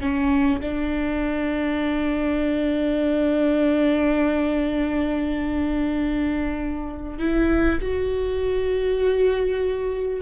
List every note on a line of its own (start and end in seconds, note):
0.00 0.60 C#4
0.61 7.19 D4
7.19 7.79 E4
7.81 10.21 F#4